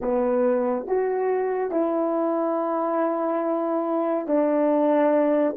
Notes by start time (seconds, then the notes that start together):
0.01 B3
0.86 F#4
1.71 E4
4.27 D4